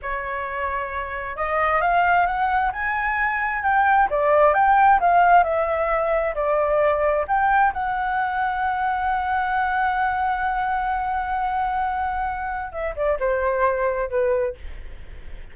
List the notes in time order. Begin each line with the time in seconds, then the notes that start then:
0.01 C#5
1.36 D#5
1.81 F5
2.26 F#5
2.72 G#5
3.62 G5
4.10 D5
4.54 G5
4.99 F5
5.43 E5
6.34 D5
7.27 G5
7.73 F#5
12.71 E5
12.95 D5
13.19 C5
14.09 B4